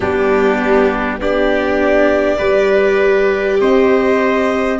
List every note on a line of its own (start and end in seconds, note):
0.00 1.18 G3
0.00 1.20 B3
0.00 1.20 D4
0.00 1.19 G4
1.18 2.38 B3
1.18 2.38 D4
1.18 2.38 G4
1.18 3.60 D5
2.38 3.60 G3
2.38 4.78 G4
2.38 3.58 B4
3.60 4.79 C4
3.60 4.79 C5
3.60 4.79 D#5